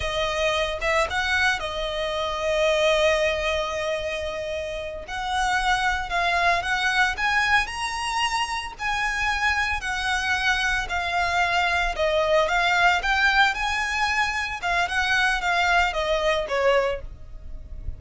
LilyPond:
\new Staff \with { instrumentName = "violin" } { \time 4/4 \tempo 4 = 113 dis''4. e''8 fis''4 dis''4~ | dis''1~ | dis''4. fis''2 f''8~ | f''8 fis''4 gis''4 ais''4.~ |
ais''8 gis''2 fis''4.~ | fis''8 f''2 dis''4 f''8~ | f''8 g''4 gis''2 f''8 | fis''4 f''4 dis''4 cis''4 | }